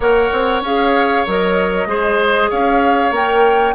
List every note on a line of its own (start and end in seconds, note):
0.00 0.30 A#3
0.00 0.64 A#4
0.00 1.88 C#5
0.00 0.63 F#5
0.32 0.61 C4
0.61 1.24 C#4
0.61 1.26 G#4
0.61 1.27 F5
1.26 1.86 F#3
1.26 1.87 A#4
1.26 2.50 D#5
1.86 2.49 G#3
1.86 3.12 G#4
1.86 2.49 C5
2.49 3.11 C#4
2.49 3.74 C#5
2.49 3.13 F5
3.11 3.73 A#3
3.11 3.74 A#4
3.11 3.75 G5